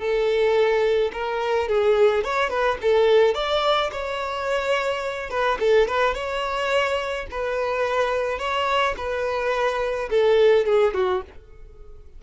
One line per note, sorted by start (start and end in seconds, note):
0.00 1.12 A4
1.13 1.69 A#4
1.69 2.24 G#4
2.24 2.50 C#5
2.50 2.78 B4
2.82 3.35 A4
3.35 3.91 D5
3.93 5.30 C#5
5.30 5.58 B4
5.60 5.88 A4
5.88 6.15 B4
6.15 7.27 C#5
7.31 8.39 B4
8.39 8.95 C#5
8.98 10.10 B4
10.11 10.66 A4
10.66 10.94 G#4
10.94 11.23 F#4